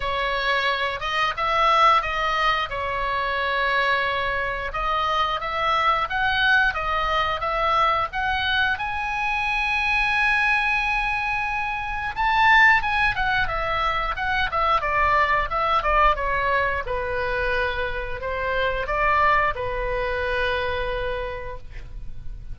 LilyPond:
\new Staff \with { instrumentName = "oboe" } { \time 4/4 \tempo 4 = 89 cis''4. dis''8 e''4 dis''4 | cis''2. dis''4 | e''4 fis''4 dis''4 e''4 | fis''4 gis''2.~ |
gis''2 a''4 gis''8 fis''8 | e''4 fis''8 e''8 d''4 e''8 d''8 | cis''4 b'2 c''4 | d''4 b'2. | }